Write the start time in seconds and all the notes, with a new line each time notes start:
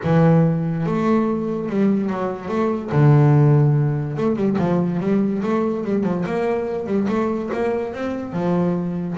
0.03 E3
0.86 A3
1.69 G3
2.09 F#3
2.48 A3
2.91 D3
4.16 A3
4.35 G3
4.58 F3
5.00 G3
5.42 A3
5.84 G3
6.03 F3
6.26 A#3
6.86 G3
7.08 A3
7.53 A#3
7.93 C4
8.32 F3